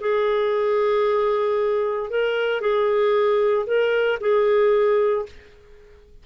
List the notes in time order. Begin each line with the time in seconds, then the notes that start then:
0.00 G#4
2.10 A#4
2.61 G#4
3.66 A#4
4.20 G#4